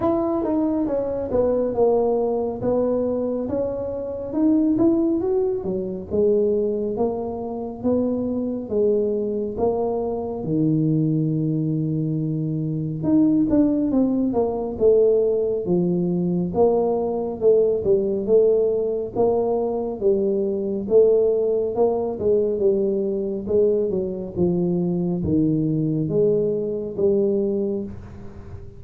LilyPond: \new Staff \with { instrumentName = "tuba" } { \time 4/4 \tempo 4 = 69 e'8 dis'8 cis'8 b8 ais4 b4 | cis'4 dis'8 e'8 fis'8 fis8 gis4 | ais4 b4 gis4 ais4 | dis2. dis'8 d'8 |
c'8 ais8 a4 f4 ais4 | a8 g8 a4 ais4 g4 | a4 ais8 gis8 g4 gis8 fis8 | f4 dis4 gis4 g4 | }